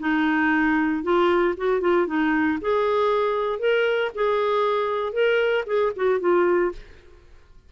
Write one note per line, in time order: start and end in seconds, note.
0.00 1.03 D#4
1.03 1.55 F4
1.58 1.81 F#4
1.81 2.07 F4
2.07 2.59 D#4
2.61 3.60 G#4
3.60 4.11 A#4
4.15 5.13 G#4
5.13 5.65 A#4
5.67 5.92 G#4
5.96 6.20 F#4
6.20 6.72 F4